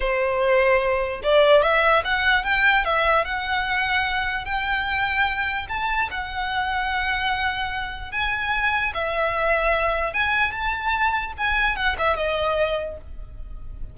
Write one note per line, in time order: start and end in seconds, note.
0.00 1.21 C5
1.23 1.62 D5
1.62 2.03 E5
2.04 2.44 F#5
2.44 2.84 G5
2.84 3.25 E5
3.25 4.45 F#5
4.45 5.66 G5
5.68 6.09 A5
6.11 8.11 F#5
8.11 8.92 G#5
8.94 10.13 E5
10.13 10.51 G#5
10.51 11.32 A5
11.37 11.75 G#5
11.75 11.96 F#5
11.98 12.16 E5
12.16 12.97 D#5